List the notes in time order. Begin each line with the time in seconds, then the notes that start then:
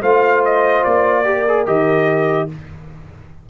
0.00 A3 F4 C5 F5
0.45 D#5
0.84 A#3 D5
1.24 G4 A#4
1.48 G#4
1.66 D#3 G4 D#5